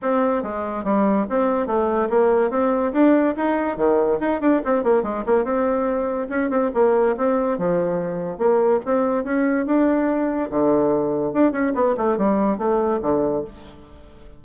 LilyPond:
\new Staff \with { instrumentName = "bassoon" } { \time 4/4 \tempo 4 = 143 c'4 gis4 g4 c'4 | a4 ais4 c'4 d'4 | dis'4 dis4 dis'8 d'8 c'8 ais8 | gis8 ais8 c'2 cis'8 c'8 |
ais4 c'4 f2 | ais4 c'4 cis'4 d'4~ | d'4 d2 d'8 cis'8 | b8 a8 g4 a4 d4 | }